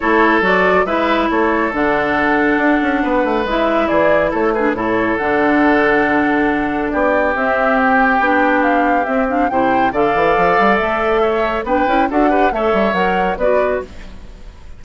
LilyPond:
<<
  \new Staff \with { instrumentName = "flute" } { \time 4/4 \tempo 4 = 139 cis''4 d''4 e''4 cis''4 | fis''1 | e''4 d''4 cis''8 b'8 cis''4 | fis''1 |
d''4 e''4 g''2 | f''4 e''8 f''8 g''4 f''4~ | f''4 e''2 g''4 | fis''4 e''4 fis''4 d''4 | }
  \new Staff \with { instrumentName = "oboe" } { \time 4/4 a'2 b'4 a'4~ | a'2. b'4~ | b'4 gis'4 a'8 gis'8 a'4~ | a'1 |
g'1~ | g'2 c''4 d''4~ | d''2 cis''4 b'4 | a'8 b'8 cis''2 b'4 | }
  \new Staff \with { instrumentName = "clarinet" } { \time 4/4 e'4 fis'4 e'2 | d'1 | e'2~ e'8 d'8 e'4 | d'1~ |
d'4 c'2 d'4~ | d'4 c'8 d'8 e'4 a'4~ | a'2. d'8 e'8 | fis'8 g'8 a'4 ais'4 fis'4 | }
  \new Staff \with { instrumentName = "bassoon" } { \time 4/4 a4 fis4 gis4 a4 | d2 d'8 cis'8 b8 a8 | gis4 e4 a4 a,4 | d1 |
b4 c'2 b4~ | b4 c'4 c4 d8 e8 | f8 g8 a2 b8 cis'8 | d'4 a8 g8 fis4 b4 | }
>>